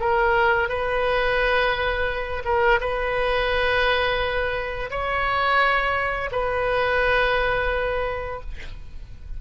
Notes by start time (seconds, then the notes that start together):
0.00 A#4
0.69 B4
2.45 A#4
2.81 B4
4.91 C#5
6.32 B4